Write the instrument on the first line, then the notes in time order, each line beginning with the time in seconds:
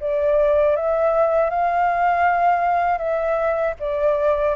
flute
0.00 D5
0.76 E5
1.50 F5
2.98 E5
3.80 D5